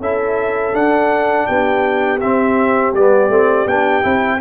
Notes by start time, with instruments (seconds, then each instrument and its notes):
0.00 tuba C#4, trombone E4, horn A4, trumpet E5
0.73 trombone D4, tuba D4, trumpet F#5
1.46 tuba B3, horn G4, trumpet G5
2.20 tuba C4, trombone C4, trumpet E5
2.93 tuba G3, trombone B3, trumpet D5
3.29 tuba A3, trombone C4
3.66 tuba B3, trombone D4, trumpet G5
4.03 tuba C4, trombone E4